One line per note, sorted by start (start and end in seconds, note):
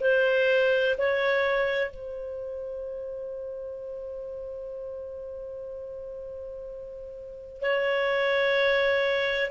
0.00 0.95 C5
0.97 1.90 C#5
1.90 7.61 C5
7.61 9.51 C#5